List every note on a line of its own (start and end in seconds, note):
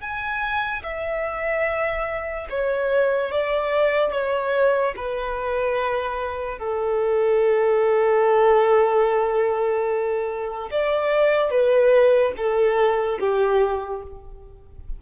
0.00 0.82 G#5
0.83 2.47 E5
2.50 3.31 C#5
3.31 4.12 D5
4.12 4.94 C#5
4.96 6.58 B4
6.58 10.69 A4
10.70 11.50 D5
11.50 12.33 B4
12.37 13.19 A4
13.20 14.02 G4